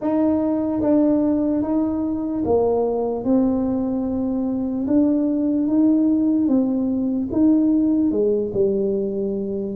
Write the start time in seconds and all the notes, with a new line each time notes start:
0.01 D#4
0.81 D4
1.62 D#4
2.44 A#3
3.24 C4
4.87 D4
5.67 D#4
6.48 C4
7.31 D#4
8.11 G#3
8.54 G3